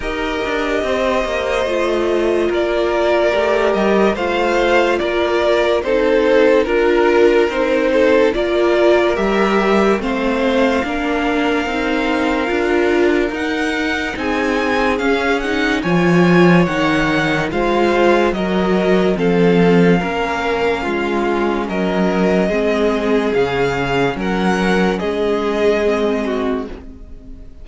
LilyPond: <<
  \new Staff \with { instrumentName = "violin" } { \time 4/4 \tempo 4 = 72 dis''2. d''4~ | d''8 dis''8 f''4 d''4 c''4 | ais'4 c''4 d''4 e''4 | f''1 |
fis''4 gis''4 f''8 fis''8 gis''4 | fis''4 f''4 dis''4 f''4~ | f''2 dis''2 | f''4 fis''4 dis''2 | }
  \new Staff \with { instrumentName = "violin" } { \time 4/4 ais'4 c''2 ais'4~ | ais'4 c''4 ais'4 a'4 | ais'4. a'8 ais'2 | c''4 ais'2.~ |
ais'4 gis'2 cis''4~ | cis''4 c''4 ais'4 a'4 | ais'4 f'4 ais'4 gis'4~ | gis'4 ais'4 gis'4. fis'8 | }
  \new Staff \with { instrumentName = "viola" } { \time 4/4 g'2 f'2 | g'4 f'2 dis'4 | f'4 dis'4 f'4 g'4 | c'4 d'4 dis'4 f'4 |
dis'2 cis'8 dis'8 f'4 | dis'4 f'4 fis'4 c'4 | cis'2. c'4 | cis'2. c'4 | }
  \new Staff \with { instrumentName = "cello" } { \time 4/4 dis'8 d'8 c'8 ais8 a4 ais4 | a8 g8 a4 ais4 c'4 | d'4 c'4 ais4 g4 | a4 ais4 c'4 d'4 |
dis'4 c'4 cis'4 f4 | dis4 gis4 fis4 f4 | ais4 gis4 fis4 gis4 | cis4 fis4 gis2 | }
>>